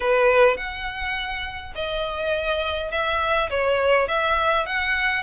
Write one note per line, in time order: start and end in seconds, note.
0.00 0.57 B4
0.57 1.73 F#5
1.75 2.91 D#5
2.91 3.49 E5
3.50 4.08 C#5
4.08 4.65 E5
4.65 5.23 F#5